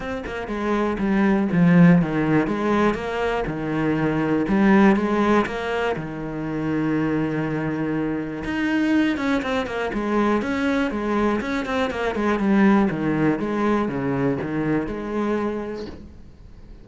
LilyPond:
\new Staff \with { instrumentName = "cello" } { \time 4/4 \tempo 4 = 121 c'8 ais8 gis4 g4 f4 | dis4 gis4 ais4 dis4~ | dis4 g4 gis4 ais4 | dis1~ |
dis4 dis'4. cis'8 c'8 ais8 | gis4 cis'4 gis4 cis'8 c'8 | ais8 gis8 g4 dis4 gis4 | cis4 dis4 gis2 | }